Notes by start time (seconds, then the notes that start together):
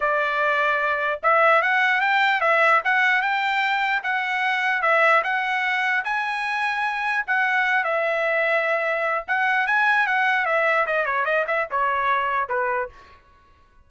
0.00 D5
1.23 E5
1.62 F#5
2.01 G5
2.41 E5
2.84 F#5
3.21 G5
4.03 F#5
4.82 E5
5.23 F#5
6.04 G#5
7.26 F#5
7.84 E5
9.27 F#5
9.66 G#5
10.06 F#5
10.45 E5
10.86 D#5
11.05 C#5
11.25 D#5
11.47 E5
11.71 C#5
12.48 B4